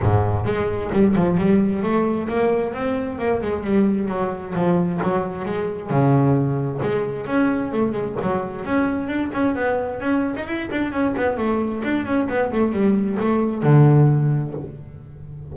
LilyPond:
\new Staff \with { instrumentName = "double bass" } { \time 4/4 \tempo 4 = 132 gis,4 gis4 g8 f8 g4 | a4 ais4 c'4 ais8 gis8 | g4 fis4 f4 fis4 | gis4 cis2 gis4 |
cis'4 a8 gis8 fis4 cis'4 | d'8 cis'8 b4 cis'8. dis'16 e'8 d'8 | cis'8 b8 a4 d'8 cis'8 b8 a8 | g4 a4 d2 | }